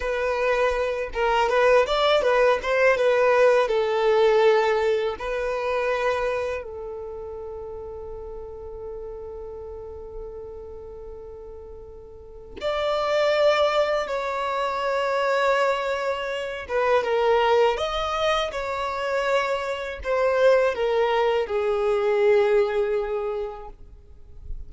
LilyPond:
\new Staff \with { instrumentName = "violin" } { \time 4/4 \tempo 4 = 81 b'4. ais'8 b'8 d''8 b'8 c''8 | b'4 a'2 b'4~ | b'4 a'2.~ | a'1~ |
a'4 d''2 cis''4~ | cis''2~ cis''8 b'8 ais'4 | dis''4 cis''2 c''4 | ais'4 gis'2. | }